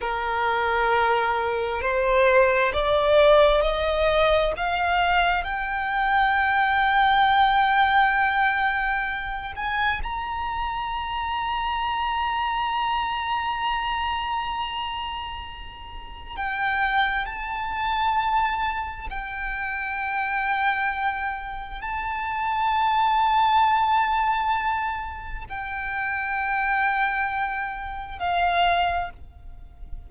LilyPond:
\new Staff \with { instrumentName = "violin" } { \time 4/4 \tempo 4 = 66 ais'2 c''4 d''4 | dis''4 f''4 g''2~ | g''2~ g''8 gis''8 ais''4~ | ais''1~ |
ais''2 g''4 a''4~ | a''4 g''2. | a''1 | g''2. f''4 | }